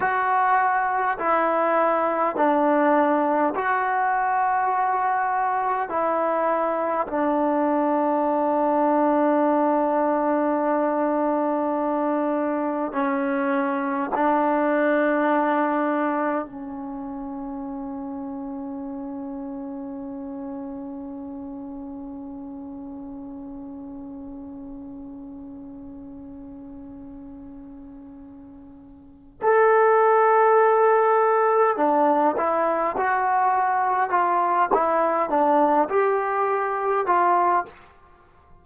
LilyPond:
\new Staff \with { instrumentName = "trombone" } { \time 4/4 \tempo 4 = 51 fis'4 e'4 d'4 fis'4~ | fis'4 e'4 d'2~ | d'2. cis'4 | d'2 cis'2~ |
cis'1~ | cis'1~ | cis'4 a'2 d'8 e'8 | fis'4 f'8 e'8 d'8 g'4 f'8 | }